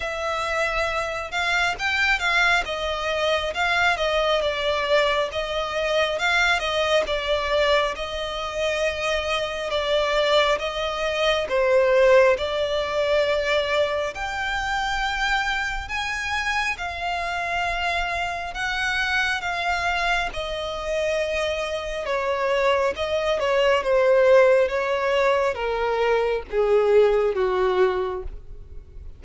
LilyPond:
\new Staff \with { instrumentName = "violin" } { \time 4/4 \tempo 4 = 68 e''4. f''8 g''8 f''8 dis''4 | f''8 dis''8 d''4 dis''4 f''8 dis''8 | d''4 dis''2 d''4 | dis''4 c''4 d''2 |
g''2 gis''4 f''4~ | f''4 fis''4 f''4 dis''4~ | dis''4 cis''4 dis''8 cis''8 c''4 | cis''4 ais'4 gis'4 fis'4 | }